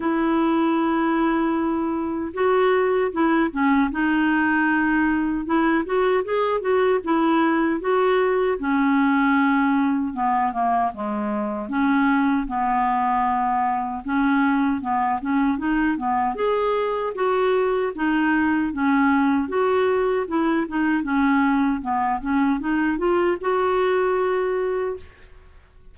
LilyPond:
\new Staff \with { instrumentName = "clarinet" } { \time 4/4 \tempo 4 = 77 e'2. fis'4 | e'8 cis'8 dis'2 e'8 fis'8 | gis'8 fis'8 e'4 fis'4 cis'4~ | cis'4 b8 ais8 gis4 cis'4 |
b2 cis'4 b8 cis'8 | dis'8 b8 gis'4 fis'4 dis'4 | cis'4 fis'4 e'8 dis'8 cis'4 | b8 cis'8 dis'8 f'8 fis'2 | }